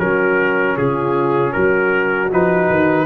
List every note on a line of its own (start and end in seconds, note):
0.00 0.77 F#3
0.00 2.31 C#4
0.00 0.77 F#4
0.00 0.77 A#4
0.77 1.54 C#3
0.77 1.54 F4
0.77 1.53 G#4
1.53 2.32 F#3
1.53 3.06 F#4
1.53 2.30 A#4
2.32 2.70 F3
2.32 3.06 D#4
2.32 3.06 B4
2.70 3.06 D#3